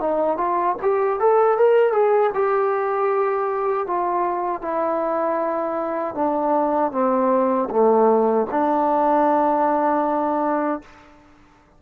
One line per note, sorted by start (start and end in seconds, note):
0.00 0.37 D#4
0.37 0.76 F4
0.82 1.20 G4
1.20 1.58 A4
1.58 1.92 A#4
1.92 2.31 G#4
2.34 3.87 G4
3.87 4.62 F4
4.62 6.15 E4
6.15 6.92 D4
6.92 7.69 C4
7.70 8.47 A3
8.51 10.82 D4